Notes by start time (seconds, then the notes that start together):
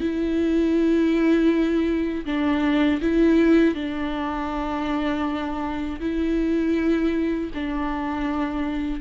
0.00 E4
2.25 D4
3.01 E4
3.75 D4
6.00 E4
7.54 D4